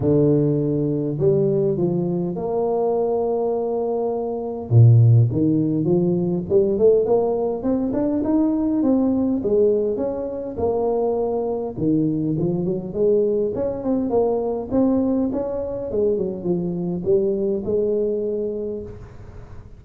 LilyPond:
\new Staff \with { instrumentName = "tuba" } { \time 4/4 \tempo 4 = 102 d2 g4 f4 | ais1 | ais,4 dis4 f4 g8 a8 | ais4 c'8 d'8 dis'4 c'4 |
gis4 cis'4 ais2 | dis4 f8 fis8 gis4 cis'8 c'8 | ais4 c'4 cis'4 gis8 fis8 | f4 g4 gis2 | }